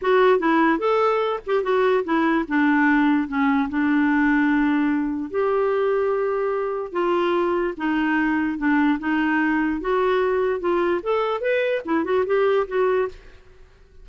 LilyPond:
\new Staff \with { instrumentName = "clarinet" } { \time 4/4 \tempo 4 = 147 fis'4 e'4 a'4. g'8 | fis'4 e'4 d'2 | cis'4 d'2.~ | d'4 g'2.~ |
g'4 f'2 dis'4~ | dis'4 d'4 dis'2 | fis'2 f'4 a'4 | b'4 e'8 fis'8 g'4 fis'4 | }